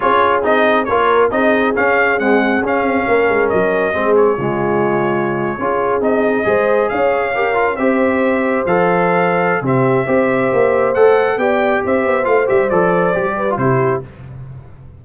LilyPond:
<<
  \new Staff \with { instrumentName = "trumpet" } { \time 4/4 \tempo 4 = 137 cis''4 dis''4 cis''4 dis''4 | f''4 fis''4 f''2 | dis''4. cis''2~ cis''8~ | cis''4.~ cis''16 dis''2 f''16~ |
f''4.~ f''16 e''2 f''16~ | f''2 e''2~ | e''4 fis''4 g''4 e''4 | f''8 e''8 d''2 c''4 | }
  \new Staff \with { instrumentName = "horn" } { \time 4/4 gis'2 ais'4 gis'4~ | gis'2. ais'4~ | ais'4 gis'4 f'2~ | f'8. gis'2 c''4 cis''16~ |
cis''8. ais'4 c''2~ c''16~ | c''2 g'4 c''4~ | c''2 d''4 c''4~ | c''2~ c''8 b'8 g'4 | }
  \new Staff \with { instrumentName = "trombone" } { \time 4/4 f'4 dis'4 f'4 dis'4 | cis'4 gis4 cis'2~ | cis'4 c'4 gis2~ | gis8. f'4 dis'4 gis'4~ gis'16~ |
gis'8. g'8 f'8 g'2 a'16~ | a'2 c'4 g'4~ | g'4 a'4 g'2 | f'8 g'8 a'4 g'8. f'16 e'4 | }
  \new Staff \with { instrumentName = "tuba" } { \time 4/4 cis'4 c'4 ais4 c'4 | cis'4 c'4 cis'8 c'8 ais8 gis8 | fis4 gis4 cis2~ | cis8. cis'4 c'4 gis4 cis'16~ |
cis'4.~ cis'16 c'2 f16~ | f2 c4 c'4 | ais4 a4 b4 c'8 b8 | a8 g8 f4 g4 c4 | }
>>